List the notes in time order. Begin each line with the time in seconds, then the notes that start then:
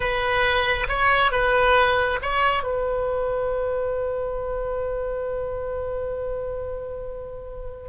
0.00 B4
0.88 C#5
1.31 B4
2.22 C#5
2.63 B4